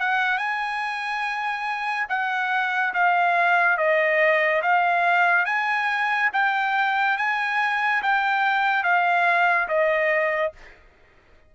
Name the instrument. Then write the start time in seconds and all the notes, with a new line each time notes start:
trumpet
0.00 F#5
0.38 G#5
2.09 F#5
2.94 F5
3.78 D#5
4.62 F5
5.46 G#5
6.33 G5
7.18 G#5
8.03 G5
8.83 F5
9.68 D#5